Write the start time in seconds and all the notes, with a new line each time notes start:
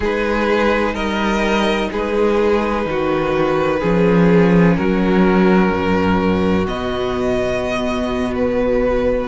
0.00 G#3 D#4 G#4 B4
0.93 G3 A#4 D#5
1.91 G#3 G#4 B4
2.85 D#3 F#4
3.80 F3 C#4 G#4
4.76 F#3 F#4 A#4
5.71 F#2
6.66 B2 B3 D#5
8.35 B4